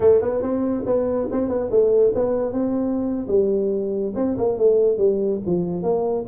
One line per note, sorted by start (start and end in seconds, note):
0.00 0.21 A3
0.21 0.42 B3
0.42 0.84 C4
0.86 1.28 B3
1.31 1.48 C4
1.48 1.69 B3
1.70 2.13 A3
2.14 2.52 B3
2.52 3.26 C4
3.27 4.12 G3
4.15 4.36 C4
4.37 4.57 A#3
4.57 4.97 A3
4.97 5.40 G3
5.45 5.82 F3
5.82 6.25 A#3